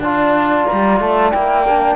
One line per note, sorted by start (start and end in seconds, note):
0.00 0.65 D4
0.00 1.33 F4
0.00 1.96 D5
0.00 0.67 A5
0.67 0.99 A#5
0.73 1.00 G3
1.00 1.33 A3
1.00 1.32 A5
1.32 1.96 A#3
1.32 1.66 E4
1.32 1.96 G5
1.68 1.96 D4